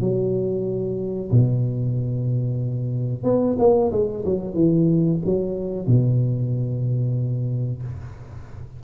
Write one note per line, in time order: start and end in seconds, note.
0.00 1.30 F#3
1.31 3.23 B2
3.23 3.56 B3
3.58 3.91 A#3
3.91 4.24 G#3
4.25 4.54 F#3
4.54 5.19 E3
5.25 5.86 F#3
5.86 7.82 B2